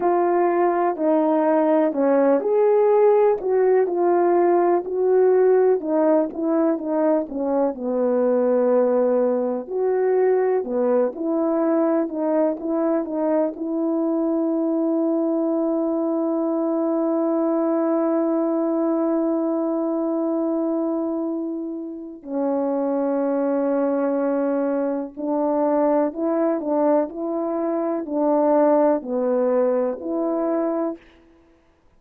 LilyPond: \new Staff \with { instrumentName = "horn" } { \time 4/4 \tempo 4 = 62 f'4 dis'4 cis'8 gis'4 fis'8 | f'4 fis'4 dis'8 e'8 dis'8 cis'8 | b2 fis'4 b8 e'8~ | e'8 dis'8 e'8 dis'8 e'2~ |
e'1~ | e'2. cis'4~ | cis'2 d'4 e'8 d'8 | e'4 d'4 b4 e'4 | }